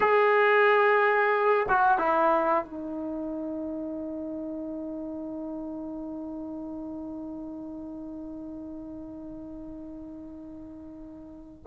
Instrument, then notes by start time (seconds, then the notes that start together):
trombone
0.00 G#4
1.68 F#4
1.98 E4
2.64 D#4